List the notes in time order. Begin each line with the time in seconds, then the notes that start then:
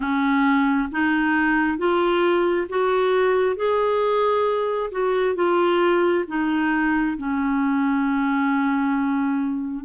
0.00 C#4
0.91 D#4
1.77 F4
2.69 F#4
3.56 G#4
4.91 F#4
5.35 F4
6.27 D#4
7.17 C#4